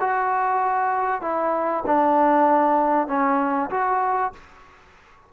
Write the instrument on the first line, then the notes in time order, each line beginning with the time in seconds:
trombone
0.00 F#4
1.21 E4
1.86 D4
3.07 C#4
3.70 F#4